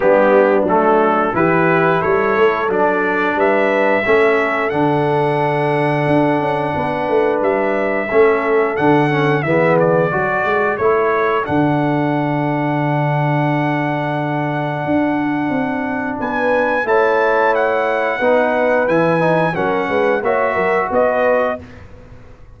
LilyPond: <<
  \new Staff \with { instrumentName = "trumpet" } { \time 4/4 \tempo 4 = 89 g'4 a'4 b'4 cis''4 | d''4 e''2 fis''4~ | fis''2. e''4~ | e''4 fis''4 e''8 d''4. |
cis''4 fis''2.~ | fis''1 | gis''4 a''4 fis''2 | gis''4 fis''4 e''4 dis''4 | }
  \new Staff \with { instrumentName = "horn" } { \time 4/4 d'2 g'4 a'4~ | a'4 b'4 a'2~ | a'2 b'2 | a'2 gis'4 a'4~ |
a'1~ | a'1 | b'4 cis''2 b'4~ | b'4 ais'8 b'8 cis''8 ais'8 b'4 | }
  \new Staff \with { instrumentName = "trombone" } { \time 4/4 b4 a4 e'2 | d'2 cis'4 d'4~ | d'1 | cis'4 d'8 cis'8 b4 fis'4 |
e'4 d'2.~ | d'1~ | d'4 e'2 dis'4 | e'8 dis'8 cis'4 fis'2 | }
  \new Staff \with { instrumentName = "tuba" } { \time 4/4 g4 fis4 e4 g8 a8 | fis4 g4 a4 d4~ | d4 d'8 cis'8 b8 a8 g4 | a4 d4 e4 fis8 gis8 |
a4 d2.~ | d2 d'4 c'4 | b4 a2 b4 | e4 fis8 gis8 ais8 fis8 b4 | }
>>